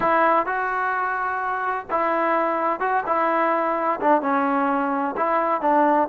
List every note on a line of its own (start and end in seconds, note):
0.00 0.46 E4
0.46 1.86 F#4
1.90 2.80 E4
2.80 3.03 F#4
3.06 4.00 E4
4.00 4.21 D4
4.21 5.15 C#4
5.16 5.61 E4
5.61 6.08 D4